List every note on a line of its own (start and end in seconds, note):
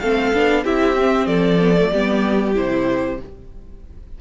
0.00 0.33 A3
0.00 0.34 C4
0.00 0.64 A4
0.00 0.64 F5
0.34 0.65 B3
0.34 0.65 D4
0.64 1.26 C4
0.64 0.97 E4
0.64 1.27 G4
0.64 1.27 E5
0.97 1.61 C4
1.26 1.90 F3
1.26 1.91 A4
1.26 2.55 D5
1.61 1.77 B3
1.77 1.92 A3
1.91 2.57 G3
1.91 2.55 B3
1.91 3.19 G4
2.55 3.20 C3
2.55 3.18 E4
2.55 3.21 C5